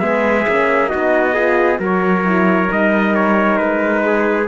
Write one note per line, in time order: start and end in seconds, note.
0.00 0.47 G#3
0.00 0.46 B3
0.00 0.90 G#4
0.00 0.89 E5
0.48 0.93 A#3
0.48 0.89 C#4
0.89 1.80 B3
0.89 1.34 D#4
0.89 1.34 F#4
0.89 1.79 D#5
1.34 1.77 F4
1.34 1.79 G#4
1.77 2.69 F#3
1.77 2.22 F#4
1.77 4.03 A#4
1.84 2.72 C#5
2.25 2.67 E4
2.67 3.60 G3
2.67 4.46 D#4
2.67 3.16 D#5
3.16 3.58 C#5
3.58 4.49 G#3
3.58 4.47 B4
4.06 4.49 G#4